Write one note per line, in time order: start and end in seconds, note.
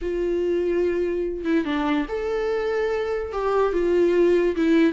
0.01 1.44 F4
1.44 1.65 E4
1.65 2.06 D4
2.08 3.32 A4
3.32 3.73 G4
3.73 4.55 F4
4.56 4.93 E4